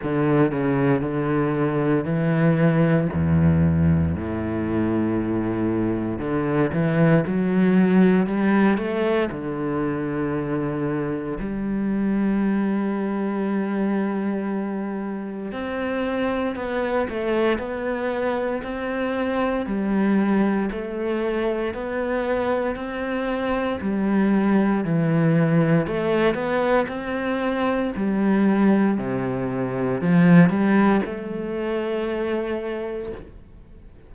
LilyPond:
\new Staff \with { instrumentName = "cello" } { \time 4/4 \tempo 4 = 58 d8 cis8 d4 e4 e,4 | a,2 d8 e8 fis4 | g8 a8 d2 g4~ | g2. c'4 |
b8 a8 b4 c'4 g4 | a4 b4 c'4 g4 | e4 a8 b8 c'4 g4 | c4 f8 g8 a2 | }